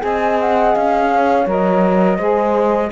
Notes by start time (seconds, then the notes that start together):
0.00 C4 G#4 D#5 G#5
0.41 F#5
0.75 C#4 F5
1.11 C#5
1.46 F#3 A#4 D#5
2.18 G#3 G#4 C5